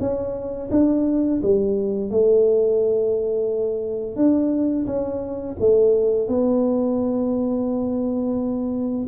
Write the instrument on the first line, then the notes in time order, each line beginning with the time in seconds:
tuba
0.00 C#4
0.71 D4
1.43 G3
2.11 A3
4.16 D4
4.86 C#4
5.59 A3
6.28 B3